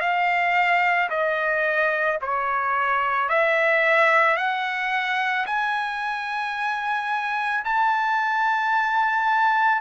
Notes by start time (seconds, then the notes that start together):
0.00 F5
1.10 D#5
2.21 C#5
3.29 E5
4.36 F#5
5.46 G#5
7.64 A5